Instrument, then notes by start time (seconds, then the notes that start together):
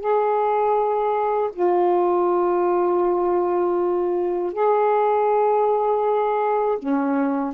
saxophone
0.00 G#4
1.53 F4
4.53 G#4
6.79 C#4